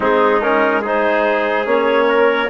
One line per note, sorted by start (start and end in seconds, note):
0.00 1.66 G#3
0.00 0.41 C4
0.00 0.81 D#4
0.00 0.41 G#4
0.41 0.84 C#4
0.41 0.83 A#4
0.81 1.65 D#4
0.81 2.06 G#4
0.81 1.68 C5
1.65 2.49 A#3
1.65 2.48 C#4
1.65 2.49 C#5
2.09 2.49 A#4